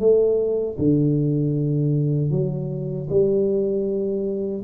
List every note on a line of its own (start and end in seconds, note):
0.00 0.77 A3
0.78 2.31 D3
2.31 3.08 F#3
3.10 4.64 G3